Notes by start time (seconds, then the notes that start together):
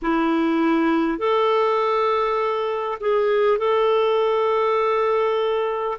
0.02 E4
1.18 A4
3.00 G#4
3.58 A4